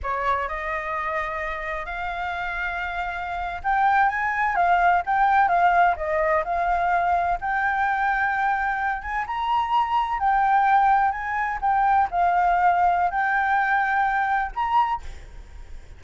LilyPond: \new Staff \with { instrumentName = "flute" } { \time 4/4 \tempo 4 = 128 cis''4 dis''2. | f''2.~ f''8. g''16~ | g''8. gis''4 f''4 g''4 f''16~ | f''8. dis''4 f''2 g''16~ |
g''2.~ g''16 gis''8 ais''16~ | ais''4.~ ais''16 g''2 gis''16~ | gis''8. g''4 f''2~ f''16 | g''2. ais''4 | }